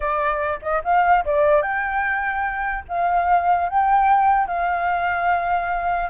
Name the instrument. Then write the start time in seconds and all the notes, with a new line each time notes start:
flute
0.00 D5
0.62 D#5
0.84 F5
1.25 D5
1.62 G5
2.88 F5
3.69 G5
4.47 F5